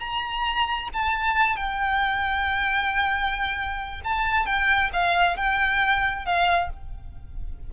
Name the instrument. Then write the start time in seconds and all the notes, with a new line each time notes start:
violin
0.00 A#5
0.94 A5
1.57 G5
4.05 A5
4.46 G5
4.93 F5
5.37 G5
6.26 F5